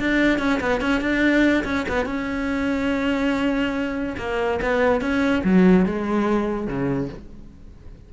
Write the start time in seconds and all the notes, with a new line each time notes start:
0.00 D4
0.39 C#4
0.61 B3
0.81 C#4
1.01 D4
1.65 C#4
1.89 B3
2.06 C#4
4.18 A#3
4.62 B3
5.01 C#4
5.44 F#3
5.86 G#3
6.67 C#3